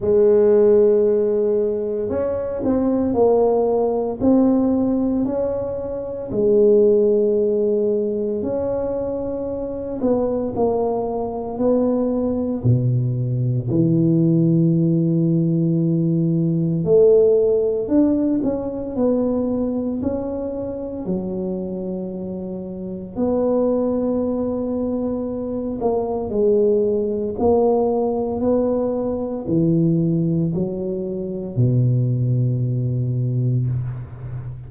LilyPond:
\new Staff \with { instrumentName = "tuba" } { \time 4/4 \tempo 4 = 57 gis2 cis'8 c'8 ais4 | c'4 cis'4 gis2 | cis'4. b8 ais4 b4 | b,4 e2. |
a4 d'8 cis'8 b4 cis'4 | fis2 b2~ | b8 ais8 gis4 ais4 b4 | e4 fis4 b,2 | }